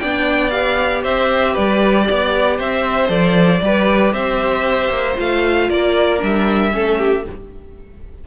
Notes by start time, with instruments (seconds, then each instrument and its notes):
0.00 cello B3, viola D4, violin D5 G5
0.51 viola G4, violin F5
1.03 cello C4, violin C5 E5
1.53 cello G3, violin B4 D5
2.05 cello B3, violin D5
2.58 cello C4, violin C5 E5
3.07 cello F3, viola A4, violin D5
3.62 cello G3, viola G4, violin B4
4.13 cello C4, violin C5 E5
4.90 cello A#3
5.16 cello A3, viola F4, violin F5
5.69 cello A#3, violin A#4 D5
6.19 cello G3, viola D4, violin E5
6.72 cello A3, viola C#4, violin A4
6.99 violin G4